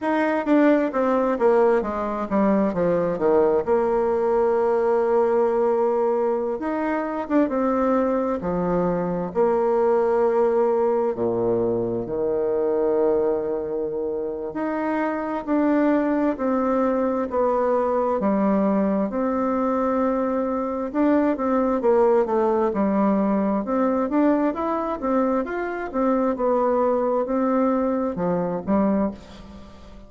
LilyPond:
\new Staff \with { instrumentName = "bassoon" } { \time 4/4 \tempo 4 = 66 dis'8 d'8 c'8 ais8 gis8 g8 f8 dis8 | ais2.~ ais16 dis'8. | d'16 c'4 f4 ais4.~ ais16~ | ais16 ais,4 dis2~ dis8. |
dis'4 d'4 c'4 b4 | g4 c'2 d'8 c'8 | ais8 a8 g4 c'8 d'8 e'8 c'8 | f'8 c'8 b4 c'4 f8 g8 | }